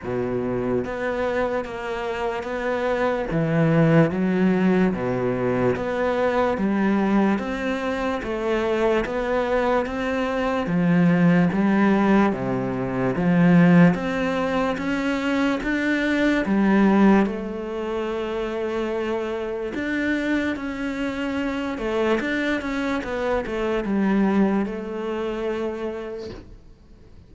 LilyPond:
\new Staff \with { instrumentName = "cello" } { \time 4/4 \tempo 4 = 73 b,4 b4 ais4 b4 | e4 fis4 b,4 b4 | g4 c'4 a4 b4 | c'4 f4 g4 c4 |
f4 c'4 cis'4 d'4 | g4 a2. | d'4 cis'4. a8 d'8 cis'8 | b8 a8 g4 a2 | }